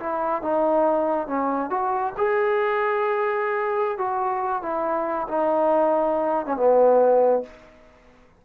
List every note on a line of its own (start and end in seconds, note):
0.00 0.42 E4
0.42 1.28 D#4
1.28 1.70 C#4
1.70 2.13 F#4
2.17 3.98 G#4
3.98 4.63 F#4
4.63 5.27 E4
5.28 6.46 D#4
6.46 6.57 C#4
6.57 7.43 B3